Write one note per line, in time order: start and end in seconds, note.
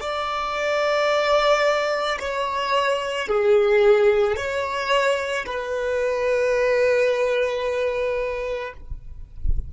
0.00 2.18 D5
2.19 3.28 C#5
3.28 4.36 G#4
4.36 5.45 C#5
5.45 8.73 B4